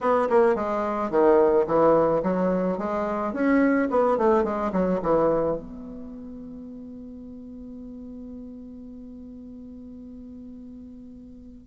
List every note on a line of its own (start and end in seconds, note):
0.00 0.28 B3
0.29 0.55 A#3
0.55 1.10 G#3
1.10 1.65 D#3
1.66 2.22 E3
2.22 2.78 F#3
2.78 3.33 G#3
3.33 3.88 C#4
3.90 4.17 B3
4.17 4.43 A3
4.43 4.71 G#3
4.72 5.00 F#3
5.02 5.56 E3
5.56 11.66 B3